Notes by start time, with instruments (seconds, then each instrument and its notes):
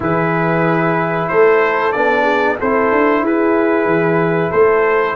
0.00 tuba E3, trombone E4, horn G#4, trumpet B4
1.28 tuba A3, horn A4, trumpet C5
1.92 tuba B3, trombone D4, trumpet D5
2.22 horn G#4
2.58 tuba C4, trombone E4, horn A4, trumpet C5
2.92 tuba D4
3.22 tuba E4, horn G#4, trumpet B4
3.85 tuba E3
4.50 tuba A3, horn A4, trumpet C5